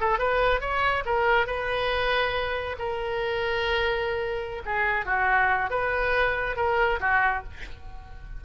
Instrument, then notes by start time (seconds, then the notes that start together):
oboe
0.00 A4
0.18 B4
0.60 C#5
1.05 A#4
1.47 B4
2.78 A#4
4.65 G#4
5.05 F#4
5.70 B4
6.56 A#4
7.00 F#4